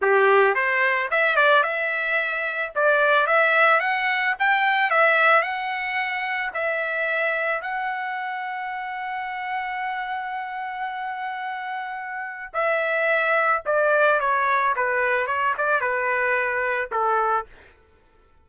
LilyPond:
\new Staff \with { instrumentName = "trumpet" } { \time 4/4 \tempo 4 = 110 g'4 c''4 e''8 d''8 e''4~ | e''4 d''4 e''4 fis''4 | g''4 e''4 fis''2 | e''2 fis''2~ |
fis''1~ | fis''2. e''4~ | e''4 d''4 cis''4 b'4 | cis''8 d''8 b'2 a'4 | }